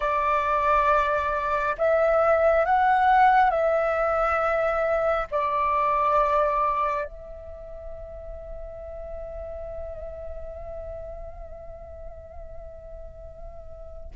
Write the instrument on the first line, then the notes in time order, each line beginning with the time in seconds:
flute
0.00 D5
1.78 E5
2.65 F#5
3.50 E5
5.31 D5
7.05 E5